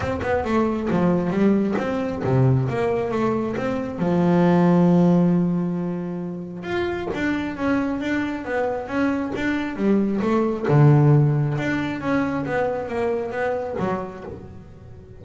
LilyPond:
\new Staff \with { instrumentName = "double bass" } { \time 4/4 \tempo 4 = 135 c'8 b8 a4 f4 g4 | c'4 c4 ais4 a4 | c'4 f2.~ | f2. f'4 |
d'4 cis'4 d'4 b4 | cis'4 d'4 g4 a4 | d2 d'4 cis'4 | b4 ais4 b4 fis4 | }